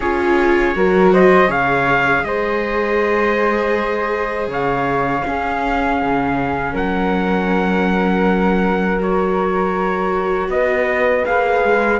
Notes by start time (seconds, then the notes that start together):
0.00 C#4 F4 G#4 C#5
0.74 F#3 F#4 A#4
1.12 C5 D#5
1.47 C#3 G#4 C#5 F5
2.23 G#3 C5 D#5
4.47 C#3 C#5 F5
5.23 C#4 G#4
6.02 C#3
6.72 F#3 A#4 F#5
8.99 F#4 C#5
10.48 B3 B4 D#5
11.25 A#3 G#4 F5
11.63 G#3